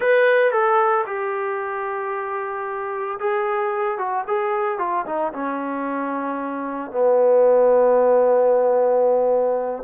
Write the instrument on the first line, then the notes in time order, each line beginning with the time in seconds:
trombone
0.00 B4
0.51 A4
1.06 G4
3.19 G#4
3.98 F#4
4.27 G#4
4.78 F4
5.05 D#4
5.32 C#4
6.91 B3